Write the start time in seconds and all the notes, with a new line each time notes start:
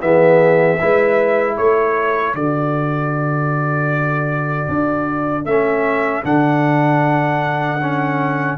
0.00 E3 B3 G#4 E5
0.81 G#3 E4 B4
1.57 A3 A4 C#5
2.34 D3 F#4 D5
4.68 D4
5.45 A3 C#4 E5
6.23 D3 D4 F#5
7.82 C#4